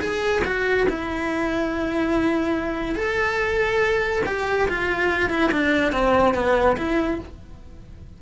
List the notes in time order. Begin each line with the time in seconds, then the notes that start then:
0.00 G#4
0.45 F#4
0.89 E4
2.95 A4
4.26 G4
4.68 F4
5.30 E4
5.52 D4
5.92 C4
6.34 B3
6.77 E4